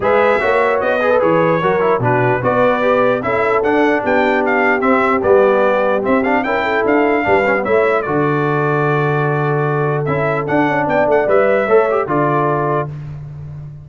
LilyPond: <<
  \new Staff \with { instrumentName = "trumpet" } { \time 4/4 \tempo 4 = 149 e''2 dis''4 cis''4~ | cis''4 b'4 d''2 | e''4 fis''4 g''4 f''4 | e''4 d''2 e''8 f''8 |
g''4 f''2 e''4 | d''1~ | d''4 e''4 fis''4 g''8 fis''8 | e''2 d''2 | }
  \new Staff \with { instrumentName = "horn" } { \time 4/4 b'4 cis''4. b'4. | ais'4 fis'4 b'2 | a'2 g'2~ | g'1 |
ais'8 a'4. b'4 cis''4 | a'1~ | a'2. d''4~ | d''4 cis''4 a'2 | }
  \new Staff \with { instrumentName = "trombone" } { \time 4/4 gis'4 fis'4. gis'16 a'16 gis'4 | fis'8 e'8 d'4 fis'4 g'4 | e'4 d'2. | c'4 b2 c'8 d'8 |
e'2 d'8 cis'16 b16 e'4 | fis'1~ | fis'4 e'4 d'2 | b'4 a'8 g'8 f'2 | }
  \new Staff \with { instrumentName = "tuba" } { \time 4/4 gis4 ais4 b4 e4 | fis4 b,4 b2 | cis'4 d'4 b2 | c'4 g2 c'4 |
cis'4 d'4 g4 a4 | d1~ | d4 cis'4 d'8 cis'8 b8 a8 | g4 a4 d2 | }
>>